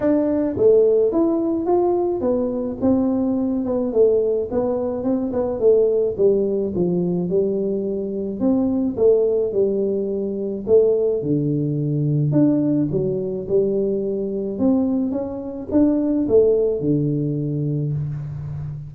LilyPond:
\new Staff \with { instrumentName = "tuba" } { \time 4/4 \tempo 4 = 107 d'4 a4 e'4 f'4 | b4 c'4. b8 a4 | b4 c'8 b8 a4 g4 | f4 g2 c'4 |
a4 g2 a4 | d2 d'4 fis4 | g2 c'4 cis'4 | d'4 a4 d2 | }